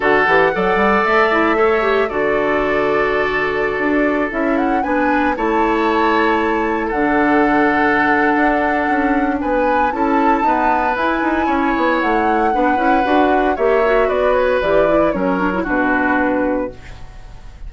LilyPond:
<<
  \new Staff \with { instrumentName = "flute" } { \time 4/4 \tempo 4 = 115 fis''2 e''2 | d''1~ | d''16 e''8 fis''8 gis''4 a''4.~ a''16~ | a''4~ a''16 fis''2~ fis''8.~ |
fis''2 gis''4 a''4~ | a''4 gis''2 fis''4~ | fis''2 e''4 d''8 cis''8 | d''4 cis''4 b'2 | }
  \new Staff \with { instrumentName = "oboe" } { \time 4/4 a'4 d''2 cis''4 | a'1~ | a'4~ a'16 b'4 cis''4.~ cis''16~ | cis''4~ cis''16 a'2~ a'8.~ |
a'2 b'4 a'4 | b'2 cis''2 | b'2 cis''4 b'4~ | b'4 ais'4 fis'2 | }
  \new Staff \with { instrumentName = "clarinet" } { \time 4/4 fis'8 g'8 a'4. e'8 a'8 g'8 | fis'1~ | fis'16 e'4 d'4 e'4.~ e'16~ | e'4~ e'16 d'2~ d'8.~ |
d'2. e'4 | b4 e'2. | d'8 e'8 fis'4 g'8 fis'4. | g'8 e'8 cis'8 d'16 e'16 d'2 | }
  \new Staff \with { instrumentName = "bassoon" } { \time 4/4 d8 e8 fis8 g8 a2 | d2.~ d16 d'8.~ | d'16 cis'4 b4 a4.~ a16~ | a4~ a16 d2~ d8. |
d'4 cis'4 b4 cis'4 | dis'4 e'8 dis'8 cis'8 b8 a4 | b8 cis'8 d'4 ais4 b4 | e4 fis4 b,2 | }
>>